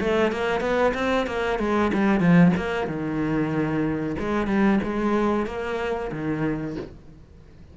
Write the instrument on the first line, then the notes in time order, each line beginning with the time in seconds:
cello
0.00 A3
0.32 A#3
0.60 B3
0.94 C4
1.26 A#3
1.59 G#3
1.93 G3
2.20 F3
2.56 A#3
2.87 D#3
4.19 G#3
4.47 G3
4.83 G#3
5.46 A#3
6.12 D#3